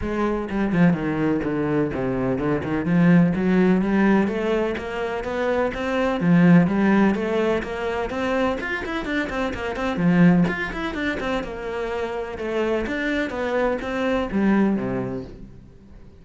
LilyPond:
\new Staff \with { instrumentName = "cello" } { \time 4/4 \tempo 4 = 126 gis4 g8 f8 dis4 d4 | c4 d8 dis8 f4 fis4 | g4 a4 ais4 b4 | c'4 f4 g4 a4 |
ais4 c'4 f'8 e'8 d'8 c'8 | ais8 c'8 f4 f'8 e'8 d'8 c'8 | ais2 a4 d'4 | b4 c'4 g4 c4 | }